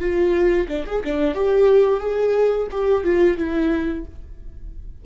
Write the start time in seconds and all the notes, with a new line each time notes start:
0.00 F4
0.68 D4
0.86 G#4
1.04 D4
1.35 G4
2.00 G#4
2.71 G4
3.04 F4
3.38 E4